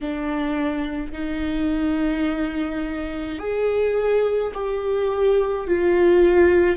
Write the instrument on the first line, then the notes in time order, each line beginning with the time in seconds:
viola
0.01 D4
1.12 D#4
3.38 G#4
4.54 G4
5.67 F4